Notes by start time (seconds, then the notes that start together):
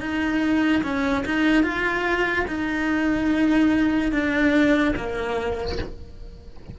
0.00 D#4
0.83 C#4
1.25 D#4
1.63 F4
2.47 D#4
4.12 D4
4.96 A#3